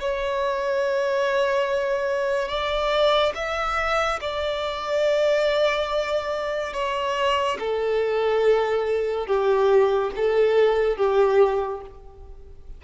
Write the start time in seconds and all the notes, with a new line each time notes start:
0.00 C#5
2.49 D5
3.35 E5
4.21 D5
6.73 C#5
7.59 A4
9.27 G4
10.16 A4
10.97 G4